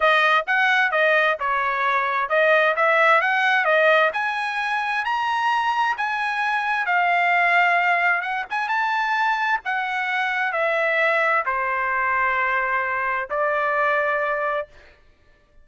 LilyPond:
\new Staff \with { instrumentName = "trumpet" } { \time 4/4 \tempo 4 = 131 dis''4 fis''4 dis''4 cis''4~ | cis''4 dis''4 e''4 fis''4 | dis''4 gis''2 ais''4~ | ais''4 gis''2 f''4~ |
f''2 fis''8 gis''8 a''4~ | a''4 fis''2 e''4~ | e''4 c''2.~ | c''4 d''2. | }